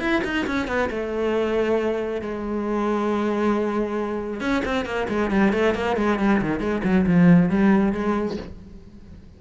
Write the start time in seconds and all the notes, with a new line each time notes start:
0.00 E4
0.24 D#4
0.47 C#4
0.68 B3
0.91 A3
2.22 G#3
4.41 C#4
4.65 C4
4.86 A#3
5.09 G#3
5.31 G3
5.53 A3
5.75 A#3
5.97 G#3
6.19 G3
6.42 D#3
6.60 G#3
6.84 F#3
7.07 F3
7.50 G3
7.93 G#3